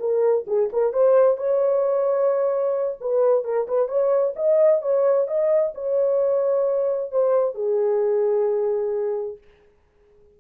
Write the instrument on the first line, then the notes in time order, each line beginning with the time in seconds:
horn
0.00 A#4
0.47 G#4
0.73 A#4
0.93 C5
1.38 C#5
3.01 B4
3.44 A#4
3.68 B4
3.88 C#5
4.36 D#5
4.82 C#5
5.28 D#5
5.75 C#5
7.12 C5
7.55 G#4